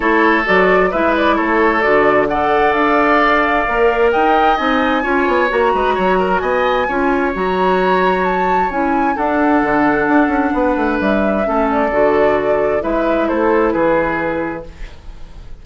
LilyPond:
<<
  \new Staff \with { instrumentName = "flute" } { \time 4/4 \tempo 4 = 131 cis''4 d''4 e''8 d''8 cis''4 | d''4 fis''4 f''2~ | f''4 g''4 gis''2 | ais''2 gis''2 |
ais''2 a''4 gis''4 | fis''1 | e''4. d''2~ d''8 | e''4 c''4 b'2 | }
  \new Staff \with { instrumentName = "oboe" } { \time 4/4 a'2 b'4 a'4~ | a'4 d''2.~ | d''4 dis''2 cis''4~ | cis''8 b'8 cis''8 ais'8 dis''4 cis''4~ |
cis''1 | a'2. b'4~ | b'4 a'2. | b'4 a'4 gis'2 | }
  \new Staff \with { instrumentName = "clarinet" } { \time 4/4 e'4 fis'4 e'2 | fis'4 a'2. | ais'2 dis'4 f'4 | fis'2. f'4 |
fis'2. e'4 | d'1~ | d'4 cis'4 fis'2 | e'1 | }
  \new Staff \with { instrumentName = "bassoon" } { \time 4/4 a4 fis4 gis4 a4 | d2 d'2 | ais4 dis'4 c'4 cis'8 b8 | ais8 gis8 fis4 b4 cis'4 |
fis2. cis'4 | d'4 d4 d'8 cis'8 b8 a8 | g4 a4 d2 | gis4 a4 e2 | }
>>